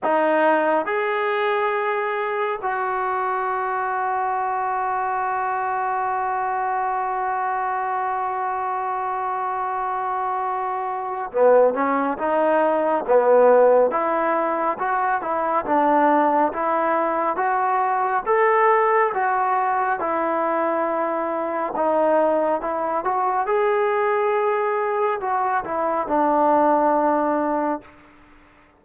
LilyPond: \new Staff \with { instrumentName = "trombone" } { \time 4/4 \tempo 4 = 69 dis'4 gis'2 fis'4~ | fis'1~ | fis'1~ | fis'4 b8 cis'8 dis'4 b4 |
e'4 fis'8 e'8 d'4 e'4 | fis'4 a'4 fis'4 e'4~ | e'4 dis'4 e'8 fis'8 gis'4~ | gis'4 fis'8 e'8 d'2 | }